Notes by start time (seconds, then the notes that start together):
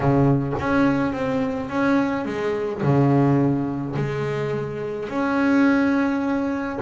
0.00 C#3
0.59 C#4
1.12 C4
1.69 C#4
2.25 G#3
2.81 C#3
3.96 G#3
5.09 C#4